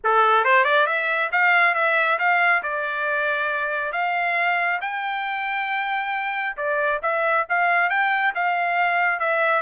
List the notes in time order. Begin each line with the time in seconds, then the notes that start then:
0.04 A4
0.44 C5
0.64 D5
0.86 E5
1.31 F5
1.74 E5
2.18 F5
2.63 D5
3.92 F5
4.81 G5
6.56 D5
7.02 E5
7.49 F5
7.89 G5
8.34 F5
9.19 E5